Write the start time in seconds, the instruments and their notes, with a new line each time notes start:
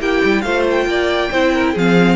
0.00 cello A#3, viola E4, violin G4 G5
0.24 cello G3
0.41 cello A3, viola F4, violin C5 F5
0.70 violin G5
0.86 cello A#3, violin D5
1.31 cello C4, viola E4, violin C5
1.54 violin A#4
1.73 cello F3, viola C4, violin G#4 F5